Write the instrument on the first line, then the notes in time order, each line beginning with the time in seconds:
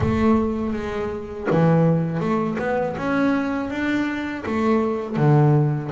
double bass
0.00 A3
0.73 G#3
1.50 E3
2.20 A3
2.59 B3
2.97 C#4
3.70 D4
4.45 A3
5.16 D3